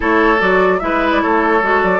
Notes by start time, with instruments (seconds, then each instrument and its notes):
0.00 bassoon A3, clarinet E4, oboe A4, flute C#5
0.39 bassoon F#3, clarinet F#4, flute D5
0.79 bassoon G#3, clarinet E4, oboe B4, flute E5
1.11 flute D5
1.21 bassoon A3, oboe A4, flute C#5
1.61 bassoon G#3, clarinet F#4
1.82 bassoon F#3, flute D5